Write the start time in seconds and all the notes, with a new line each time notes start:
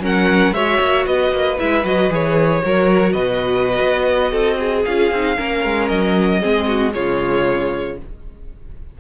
0.00 F#3 C#4 A#4 F#5
0.52 G#3 F#4 C#5 E5
0.80 A#3
1.06 B3 B4 D#5
1.31 A#3
1.58 G#3 E4 E5
1.84 F#3 F#4 D#5
2.10 E3 G#4 C#5
2.62 F#3 F#4 A#4
3.13 B2 B4 D#5
3.81 B3
4.31 C4 A4
4.59 G#4
4.85 C#4 F4 F5
5.11 C4 D#4
5.37 A#3 C#4 A#4
5.64 G#3
5.89 F#3 D#5
6.40 G#3 C4 G#4
6.67 F#4
6.92 C#3 G#3 F4 C#5